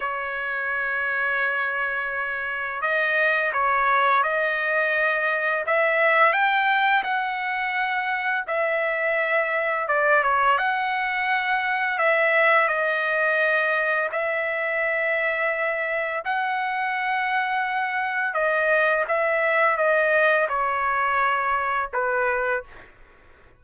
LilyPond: \new Staff \with { instrumentName = "trumpet" } { \time 4/4 \tempo 4 = 85 cis''1 | dis''4 cis''4 dis''2 | e''4 g''4 fis''2 | e''2 d''8 cis''8 fis''4~ |
fis''4 e''4 dis''2 | e''2. fis''4~ | fis''2 dis''4 e''4 | dis''4 cis''2 b'4 | }